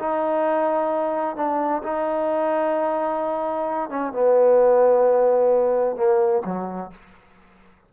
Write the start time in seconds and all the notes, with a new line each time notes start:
0.00 D#4
1.37 D4
1.83 D#4
3.90 C#4
4.13 B3
5.97 A#3
6.46 F#3